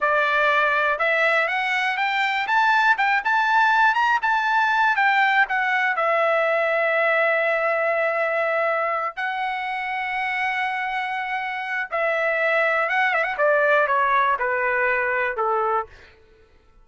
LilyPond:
\new Staff \with { instrumentName = "trumpet" } { \time 4/4 \tempo 4 = 121 d''2 e''4 fis''4 | g''4 a''4 g''8 a''4. | ais''8 a''4. g''4 fis''4 | e''1~ |
e''2~ e''8 fis''4.~ | fis''1 | e''2 fis''8 e''16 fis''16 d''4 | cis''4 b'2 a'4 | }